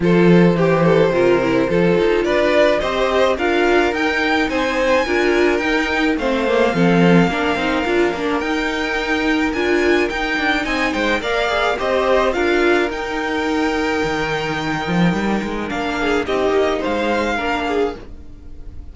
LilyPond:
<<
  \new Staff \with { instrumentName = "violin" } { \time 4/4 \tempo 4 = 107 c''1 | d''4 dis''4 f''4 g''4 | gis''2 g''4 f''4~ | f''2. g''4~ |
g''4 gis''4 g''4 gis''8 g''8 | f''4 dis''4 f''4 g''4~ | g''1 | f''4 dis''4 f''2 | }
  \new Staff \with { instrumentName = "violin" } { \time 4/4 a'4 g'8 a'8 ais'4 a'4 | b'4 c''4 ais'2 | c''4 ais'2 c''4 | a'4 ais'2.~ |
ais'2. dis''8 c''8 | d''4 c''4 ais'2~ | ais'1~ | ais'8 gis'8 g'4 c''4 ais'8 gis'8 | }
  \new Staff \with { instrumentName = "viola" } { \time 4/4 f'4 g'4 f'8 e'8 f'4~ | f'4 g'4 f'4 dis'4~ | dis'4 f'4 dis'4 c'8 ais8 | c'4 d'8 dis'8 f'8 d'8 dis'4~ |
dis'4 f'4 dis'2 | ais'8 gis'8 g'4 f'4 dis'4~ | dis'1 | d'4 dis'2 d'4 | }
  \new Staff \with { instrumentName = "cello" } { \time 4/4 f4 e4 c4 f8 dis'8 | d'4 c'4 d'4 dis'4 | c'4 d'4 dis'4 a4 | f4 ais8 c'8 d'8 ais8 dis'4~ |
dis'4 d'4 dis'8 d'8 c'8 gis8 | ais4 c'4 d'4 dis'4~ | dis'4 dis4. f8 g8 gis8 | ais4 c'8 ais8 gis4 ais4 | }
>>